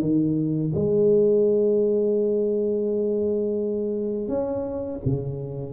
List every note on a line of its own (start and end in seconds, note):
0.00 0.71 D#3
0.74 4.28 G#3
4.28 4.99 C#4
5.05 5.72 C#3